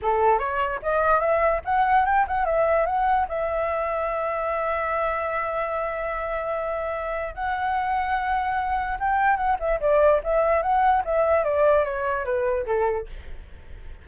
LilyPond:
\new Staff \with { instrumentName = "flute" } { \time 4/4 \tempo 4 = 147 a'4 cis''4 dis''4 e''4 | fis''4 g''8 fis''8 e''4 fis''4 | e''1~ | e''1~ |
e''2 fis''2~ | fis''2 g''4 fis''8 e''8 | d''4 e''4 fis''4 e''4 | d''4 cis''4 b'4 a'4 | }